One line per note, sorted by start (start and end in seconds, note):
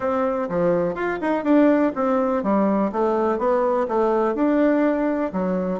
0.00 0.48 C4
0.49 0.94 F3
0.94 1.19 F4
1.21 1.44 D#4
1.44 1.92 D4
1.95 2.43 C4
2.43 2.91 G3
2.92 3.38 A3
3.38 3.86 B3
3.88 4.34 A3
4.34 5.31 D4
5.32 5.80 F#3